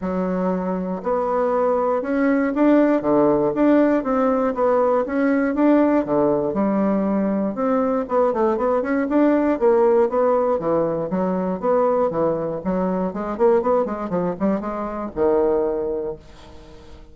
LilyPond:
\new Staff \with { instrumentName = "bassoon" } { \time 4/4 \tempo 4 = 119 fis2 b2 | cis'4 d'4 d4 d'4 | c'4 b4 cis'4 d'4 | d4 g2 c'4 |
b8 a8 b8 cis'8 d'4 ais4 | b4 e4 fis4 b4 | e4 fis4 gis8 ais8 b8 gis8 | f8 g8 gis4 dis2 | }